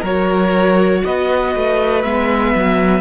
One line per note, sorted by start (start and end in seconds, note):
0.00 1.02 F#3
0.00 2.04 F#4
0.00 1.00 A#4
0.00 1.04 C#5
1.04 1.55 B3
1.04 3.00 B4
1.04 2.03 D#5
1.55 2.04 A3
2.03 2.54 G#3
2.03 3.00 B3
2.03 3.00 E5
2.54 3.00 F#3